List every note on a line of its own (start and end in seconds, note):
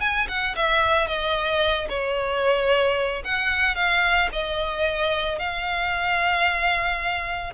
0.00 0.27 G#5
0.28 0.55 F#5
0.56 1.07 E5
1.07 1.87 D#5
1.89 3.23 C#5
3.24 3.75 F#5
3.75 4.29 F5
4.32 5.39 D#5
5.39 7.53 F5